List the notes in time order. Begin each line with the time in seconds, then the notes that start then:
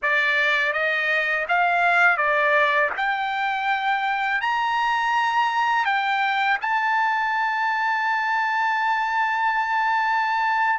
0.02 D5
0.73 D#5
1.48 F5
2.17 D5
2.96 G5
4.41 A#5
5.85 G5
6.61 A5